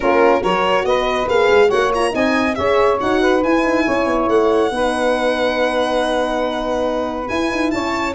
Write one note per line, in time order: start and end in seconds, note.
0.00 0.43 A#3
0.00 0.41 C#4
0.00 0.41 F4
0.00 0.42 A#4
0.41 0.84 F#3
0.41 1.27 F#4
0.41 0.84 A#4
0.41 0.85 C#5
0.84 1.26 B3
0.84 1.67 B4
0.84 1.27 D#5
1.28 1.49 A#3
1.28 1.69 G#4
1.28 1.70 F5
1.50 1.71 G#3
1.67 2.14 A#3
1.67 1.90 F#4
1.67 2.10 C#5
1.67 1.92 F#5
1.94 2.10 F4
1.94 2.14 A#5
2.10 2.57 C4
2.10 2.53 D#4
2.10 2.57 D#5
2.10 2.54 G#5
2.54 3.00 C#4
2.54 2.99 G#4
2.54 3.20 C#5
2.54 2.97 E5
3.00 3.44 D#4
3.00 3.42 F#4
3.00 3.43 F#5
3.20 3.84 B4
3.42 4.71 E4
3.42 3.64 E4
3.42 4.28 G#5
3.64 3.86 D#4
3.85 4.05 C#4
3.85 4.71 C#5
4.05 4.27 B3
4.27 4.70 A3
4.27 7.28 F#5
4.70 7.28 B3
4.70 7.28 D#4
4.70 7.72 B4
7.28 8.14 E4
7.28 7.51 E4
7.28 7.70 G#5
7.51 7.72 D#4
7.70 8.14 C#4
7.70 8.14 C#5
7.70 8.13 A5